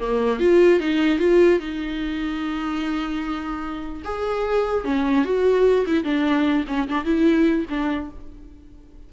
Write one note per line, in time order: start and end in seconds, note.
0.00 0.40 A#3
0.40 0.80 F4
0.80 1.19 D#4
1.19 1.60 F4
1.60 4.03 D#4
4.05 4.85 G#4
4.85 5.25 C#4
5.25 5.86 F#4
5.87 6.04 E4
6.04 6.65 D4
6.68 6.88 C#4
6.89 7.05 D4
7.05 7.66 E4
7.70 8.10 D4